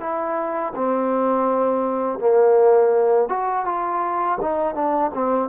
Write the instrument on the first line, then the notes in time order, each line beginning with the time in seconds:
trombone
0.00 E4
0.75 C4
2.19 A#3
3.29 F#4
3.65 F4
4.41 D#4
4.75 D4
5.14 C4